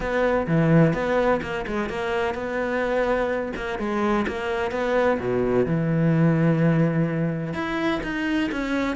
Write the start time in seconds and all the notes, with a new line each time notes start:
0.00 B3
0.47 E3
0.93 B3
1.42 A#3
1.66 G#3
1.89 A#3
2.34 B3
3.56 A#3
3.78 G#3
4.27 A#3
4.71 B3
5.19 B2
5.66 E3
7.53 E4
8.03 D#4
8.51 C#4